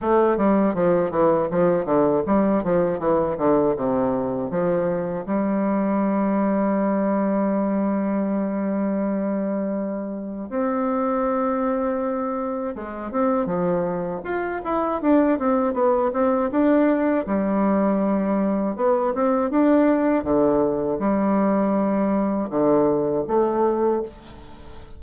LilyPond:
\new Staff \with { instrumentName = "bassoon" } { \time 4/4 \tempo 4 = 80 a8 g8 f8 e8 f8 d8 g8 f8 | e8 d8 c4 f4 g4~ | g1~ | g2 c'2~ |
c'4 gis8 c'8 f4 f'8 e'8 | d'8 c'8 b8 c'8 d'4 g4~ | g4 b8 c'8 d'4 d4 | g2 d4 a4 | }